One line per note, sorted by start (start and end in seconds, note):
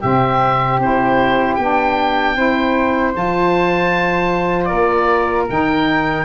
0.00 0.78 C3
0.00 0.80 C4
0.00 2.34 G4
0.00 0.80 E5
0.78 1.56 C4
0.78 1.59 E4
0.78 1.55 C5
1.55 2.35 B3
1.55 2.36 D4
1.55 3.11 G5
2.35 3.13 C4
2.35 3.13 E4
2.35 4.69 C5
3.13 4.71 F3
3.13 5.47 F4
3.13 4.65 A5
4.65 5.49 A#3
4.65 6.24 A#4
4.65 5.43 D5
5.48 6.24 D#3
5.48 6.24 D#4
5.48 6.24 G5